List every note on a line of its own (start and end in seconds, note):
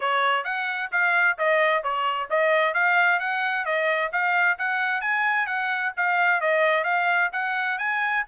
0.00 0.44 C#5
0.44 0.90 F#5
0.91 1.37 F5
1.38 1.83 D#5
1.83 2.29 C#5
2.29 2.74 D#5
2.74 3.19 F5
3.19 3.65 F#5
3.65 4.11 D#5
4.12 4.58 F5
4.58 5.01 F#5
5.01 5.46 G#5
5.46 5.92 F#5
5.96 6.41 F5
6.41 6.84 D#5
6.84 7.29 F5
7.32 7.78 F#5
7.78 8.24 G#5